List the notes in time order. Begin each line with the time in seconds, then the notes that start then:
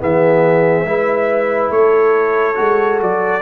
0.00 E3 B3 G#4 E5
0.84 G#3 E4 B4
1.70 A3 A4 C#5
2.55 G#3 F#4
3.01 F#3 D5